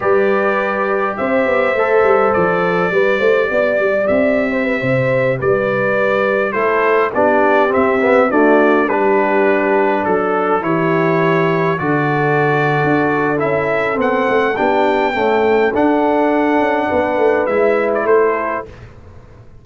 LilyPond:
<<
  \new Staff \with { instrumentName = "trumpet" } { \time 4/4 \tempo 4 = 103 d''2 e''2 | d''2. e''4~ | e''4~ e''16 d''2 c''8.~ | c''16 d''4 e''4 d''4 b'8.~ |
b'4~ b'16 a'4 cis''4.~ cis''16~ | cis''16 d''2~ d''8. e''4 | fis''4 g''2 fis''4~ | fis''2 e''8. d''16 c''4 | }
  \new Staff \with { instrumentName = "horn" } { \time 4/4 b'2 c''2~ | c''4 b'8 c''8 d''4.~ d''16 c''16 | b'16 c''4 b'2 a'8.~ | a'16 g'2 fis'4 g'8.~ |
g'4~ g'16 a'4 g'4.~ g'16~ | g'16 a'2.~ a'8.~ | a'4 g'4 a'2~ | a'4 b'2 a'4 | }
  \new Staff \with { instrumentName = "trombone" } { \time 4/4 g'2. a'4~ | a'4 g'2.~ | g'2.~ g'16 e'8.~ | e'16 d'4 c'8 b8 a4 d'8.~ |
d'2~ d'16 e'4.~ e'16~ | e'16 fis'2~ fis'8. e'4 | c'4 d'4 a4 d'4~ | d'2 e'2 | }
  \new Staff \with { instrumentName = "tuba" } { \time 4/4 g2 c'8 b8 a8 g8 | f4 g8 a8 b8 g8 c'4~ | c'16 c4 g2 a8.~ | a16 b4 c'4 d'4 g8.~ |
g4~ g16 fis4 e4.~ e16~ | e16 d4.~ d16 d'4 cis'4 | b8 a8 b4 cis'4 d'4~ | d'8 cis'8 b8 a8 gis4 a4 | }
>>